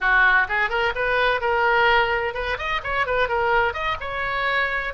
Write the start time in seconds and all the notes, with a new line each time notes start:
0.00 F#4
0.48 G#4
0.69 A#4
0.95 B4
1.40 A#4
2.34 B4
2.57 D#5
2.83 C#5
3.06 B4
3.28 A#4
3.73 D#5
4.00 C#5